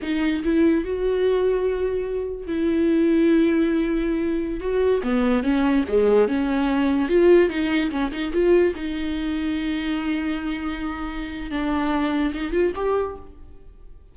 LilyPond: \new Staff \with { instrumentName = "viola" } { \time 4/4 \tempo 4 = 146 dis'4 e'4 fis'2~ | fis'2 e'2~ | e'2.~ e'16 fis'8.~ | fis'16 b4 cis'4 gis4 cis'8.~ |
cis'4~ cis'16 f'4 dis'4 cis'8 dis'16~ | dis'16 f'4 dis'2~ dis'8.~ | dis'1 | d'2 dis'8 f'8 g'4 | }